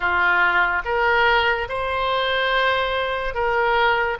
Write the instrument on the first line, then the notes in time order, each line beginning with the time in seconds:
oboe
0.00 F4
0.84 A#4
1.69 C5
3.34 A#4